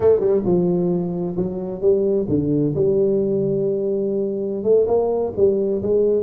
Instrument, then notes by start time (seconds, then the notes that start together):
tuba
0.00 A3
0.19 G3
0.45 F3
1.36 F#3
1.81 G3
2.28 D3
2.75 G3
4.63 A3
4.87 A#3
5.36 G3
5.82 G#3